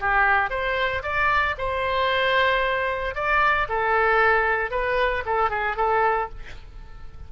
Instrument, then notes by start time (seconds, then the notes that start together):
oboe
0.00 G4
0.50 C5
1.03 D5
1.58 C5
3.15 D5
3.69 A4
4.71 B4
5.26 A4
5.50 G#4
5.77 A4